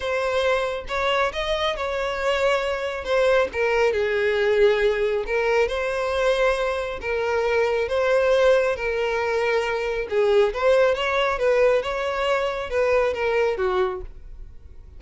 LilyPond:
\new Staff \with { instrumentName = "violin" } { \time 4/4 \tempo 4 = 137 c''2 cis''4 dis''4 | cis''2. c''4 | ais'4 gis'2. | ais'4 c''2. |
ais'2 c''2 | ais'2. gis'4 | c''4 cis''4 b'4 cis''4~ | cis''4 b'4 ais'4 fis'4 | }